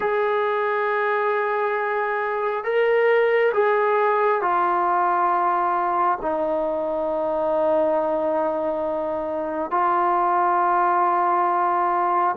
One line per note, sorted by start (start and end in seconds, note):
0.00 2.64 G#4
2.64 3.52 A#4
3.53 4.41 G#4
4.41 6.18 F4
6.21 9.71 D#4
9.71 12.35 F4